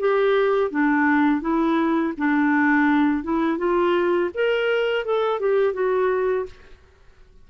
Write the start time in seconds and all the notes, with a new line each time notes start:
0.00 G4
0.71 D4
1.41 E4
2.18 D4
3.24 E4
3.58 F4
4.34 A#4
5.05 A4
5.40 G4
5.74 F#4